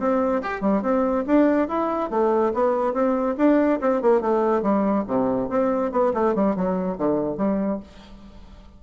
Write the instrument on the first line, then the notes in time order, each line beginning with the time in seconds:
bassoon
0.00 C4
0.43 G4
0.61 G3
0.83 C4
1.27 D4
1.68 E4
2.10 A3
2.54 B3
2.94 C4
3.38 D4
3.81 C4
4.02 A#3
4.22 A3
4.62 G3
5.08 C3
5.50 C4
5.92 B3
6.14 A3
6.35 G3
6.56 F#3
6.98 D3
7.38 G3